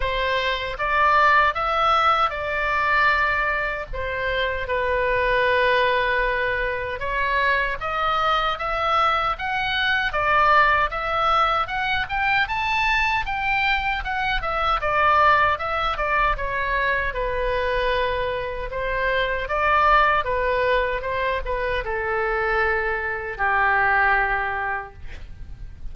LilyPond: \new Staff \with { instrumentName = "oboe" } { \time 4/4 \tempo 4 = 77 c''4 d''4 e''4 d''4~ | d''4 c''4 b'2~ | b'4 cis''4 dis''4 e''4 | fis''4 d''4 e''4 fis''8 g''8 |
a''4 g''4 fis''8 e''8 d''4 | e''8 d''8 cis''4 b'2 | c''4 d''4 b'4 c''8 b'8 | a'2 g'2 | }